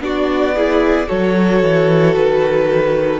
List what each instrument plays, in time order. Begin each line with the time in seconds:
0.00 cello B3, viola D4, violin F#4 D5
0.56 viola E4, violin G#4
1.07 cello F#3, viola F#4, violin A4 C#5
1.63 cello E3
2.16 cello D#3, violin B4